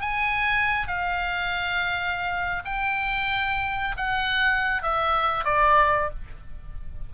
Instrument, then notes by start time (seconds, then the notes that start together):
oboe
0.00 G#5
0.87 F5
2.64 G5
3.96 F#5
4.82 E5
5.44 D5